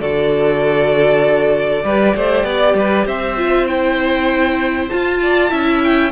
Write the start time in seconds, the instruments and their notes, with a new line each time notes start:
0.00 cello D3, viola F#4, violin A4 D5
1.83 cello G3, viola G4, violin B4
2.15 cello A3, violin C5
2.43 cello B3, violin D5
2.74 cello G3, violin B4
3.05 cello C4, violin C5 E5
3.37 viola F4
3.67 viola E4, violin G5
4.89 viola F4, cello F4, violin A5
5.22 violin D5
5.49 cello C#4, viola E4, violin E5
5.83 violin G5